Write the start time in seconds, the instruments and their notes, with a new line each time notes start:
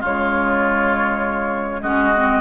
0.00 bassoon C#3, clarinet G#3, oboe F4, flute C#5
1.81 bassoon G#3, clarinet C#4, oboe F#4, flute D#5
2.16 clarinet C4